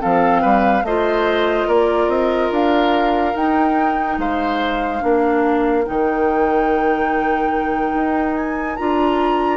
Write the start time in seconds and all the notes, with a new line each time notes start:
0.00 F3 C4 A4 F5
0.42 G3 B4
0.83 A3 F4 C5 D#5
1.68 A#3 A#4 D5
2.08 C4 D#5
2.52 D4 F5
3.34 D#4 G5
4.18 G#3 C5 F5
5.01 A#3 D4 A#4
5.85 D#3 D#4 G5
7.94 D#4
8.35 G#5
8.76 D4 F4 A#5